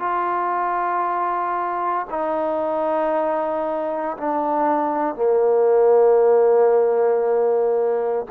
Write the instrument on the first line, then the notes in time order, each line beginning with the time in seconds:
trombone
0.00 F4
2.10 D#4
4.18 D4
5.16 A#3